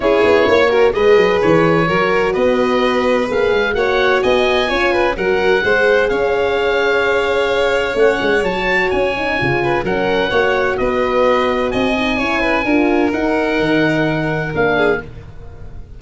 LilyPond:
<<
  \new Staff \with { instrumentName = "oboe" } { \time 4/4 \tempo 4 = 128 cis''2 dis''4 cis''4~ | cis''4 dis''2 f''4 | fis''4 gis''2 fis''4~ | fis''4 f''2.~ |
f''4 fis''4 a''4 gis''4~ | gis''4 fis''2 dis''4~ | dis''4 gis''2. | fis''2. f''4 | }
  \new Staff \with { instrumentName = "violin" } { \time 4/4 gis'4 cis''8 ais'8 b'2 | ais'4 b'2. | cis''4 dis''4 cis''8 b'8 ais'4 | c''4 cis''2.~ |
cis''1~ | cis''8 b'8 ais'4 cis''4 b'4~ | b'4 dis''4 cis''8 b'8 ais'4~ | ais'2.~ ais'8 gis'8 | }
  \new Staff \with { instrumentName = "horn" } { \time 4/4 e'4. fis'8 gis'2 | fis'2. gis'4 | fis'2 f'4 fis'4 | gis'1~ |
gis'4 cis'4 fis'4. dis'8 | f'4 cis'4 fis'2~ | fis'4. dis'8 e'4 f'4 | dis'2. d'4 | }
  \new Staff \with { instrumentName = "tuba" } { \time 4/4 cis'8 b8 ais4 gis8 fis8 e4 | fis4 b2 ais8 gis8 | ais4 b4 cis'4 fis4 | gis4 cis'2.~ |
cis'4 a8 gis8 fis4 cis'4 | cis4 fis4 ais4 b4~ | b4 c'4 cis'4 d'4 | dis'4 dis2 ais4 | }
>>